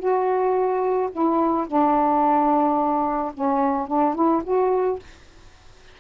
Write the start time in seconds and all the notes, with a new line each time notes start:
0.00 F#4
1.12 E4
1.68 D4
3.35 C#4
3.88 D4
4.15 E4
4.45 F#4